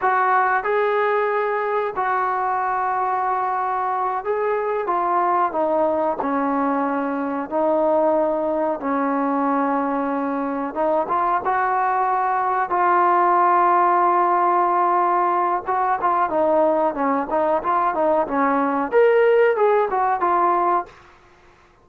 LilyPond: \new Staff \with { instrumentName = "trombone" } { \time 4/4 \tempo 4 = 92 fis'4 gis'2 fis'4~ | fis'2~ fis'8 gis'4 f'8~ | f'8 dis'4 cis'2 dis'8~ | dis'4. cis'2~ cis'8~ |
cis'8 dis'8 f'8 fis'2 f'8~ | f'1 | fis'8 f'8 dis'4 cis'8 dis'8 f'8 dis'8 | cis'4 ais'4 gis'8 fis'8 f'4 | }